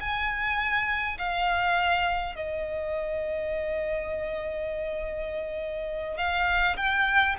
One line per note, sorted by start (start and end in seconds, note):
0.00 1.18 G#5
1.18 2.35 F5
2.35 6.17 D#5
6.17 6.76 F5
6.76 7.35 G5